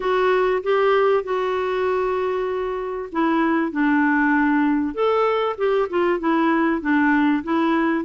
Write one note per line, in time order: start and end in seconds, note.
0.00 0.62 F#4
0.63 1.23 G4
1.23 3.09 F#4
3.12 3.71 E4
3.71 4.94 D4
4.94 5.56 A4
5.57 5.88 G4
5.89 6.19 F4
6.19 6.81 E4
6.81 7.43 D4
7.43 8.04 E4